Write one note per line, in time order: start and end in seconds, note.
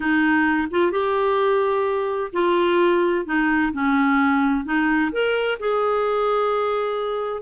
0.00 0.68 D#4
0.70 0.91 F4
0.91 2.31 G4
2.32 3.25 F4
3.25 3.72 D#4
3.72 4.64 C#4
4.64 5.11 D#4
5.12 5.58 A#4
5.59 7.42 G#4